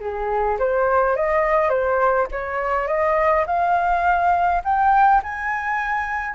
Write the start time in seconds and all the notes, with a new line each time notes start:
0.00 G#4
0.59 C5
1.16 D#5
1.69 C5
2.31 C#5
2.87 D#5
3.47 F5
4.64 G5
5.23 G#5